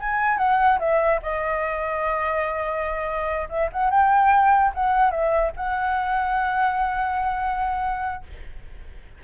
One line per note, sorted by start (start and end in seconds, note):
0.00 0.38 G#5
0.38 0.79 F#5
0.80 1.21 E5
1.23 3.49 D#5
3.50 3.70 E5
3.73 3.91 F#5
3.91 4.73 G5
4.75 5.11 F#5
5.11 5.52 E5
5.57 8.24 F#5